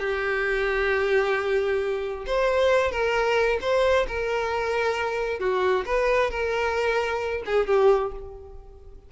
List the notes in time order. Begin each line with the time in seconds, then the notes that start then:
0.00 G4
2.27 C5
2.91 A#4
3.61 C5
4.08 A#4
5.40 F#4
5.86 B4
6.31 A#4
7.46 G#4
7.67 G4